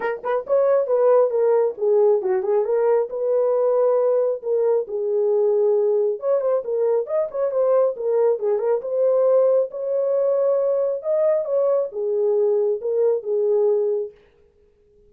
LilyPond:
\new Staff \with { instrumentName = "horn" } { \time 4/4 \tempo 4 = 136 ais'8 b'8 cis''4 b'4 ais'4 | gis'4 fis'8 gis'8 ais'4 b'4~ | b'2 ais'4 gis'4~ | gis'2 cis''8 c''8 ais'4 |
dis''8 cis''8 c''4 ais'4 gis'8 ais'8 | c''2 cis''2~ | cis''4 dis''4 cis''4 gis'4~ | gis'4 ais'4 gis'2 | }